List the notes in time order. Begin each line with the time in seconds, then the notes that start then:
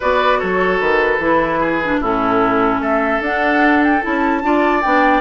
0.00 B3 F#4 B4 D5
0.39 F#3 A4 C#5
0.79 D#3 B4
1.18 E3 E4
1.59 G#4
1.84 D4
2.00 A2 C#4 E4 A4
2.79 A3 A4 E5
3.20 D4 F#5
3.83 G5
4.02 C#4 E4 A5
4.43 D4 F4 D5
4.81 B3 D4 G5